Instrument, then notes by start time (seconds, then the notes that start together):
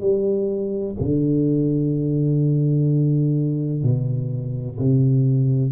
tuba
0.00 G3
1.00 D3
3.83 B2
4.78 C3